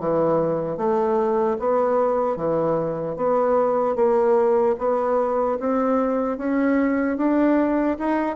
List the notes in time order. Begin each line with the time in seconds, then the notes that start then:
0.00 E3
0.77 A3
1.60 B3
2.37 E3
3.17 B3
3.96 A#3
4.79 B3
5.60 C4
6.38 C#4
7.17 D4
7.99 D#4